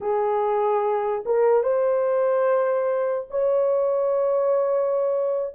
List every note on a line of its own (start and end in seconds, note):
0.00 1.24 G#4
1.26 1.63 A#4
1.63 3.27 C5
3.30 5.54 C#5